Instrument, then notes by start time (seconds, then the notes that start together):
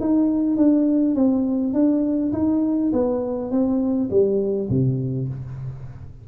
tuba
0.00 D#4
0.57 D4
1.15 C4
1.73 D4
2.33 D#4
2.92 B3
3.51 C4
4.10 G3
4.69 C3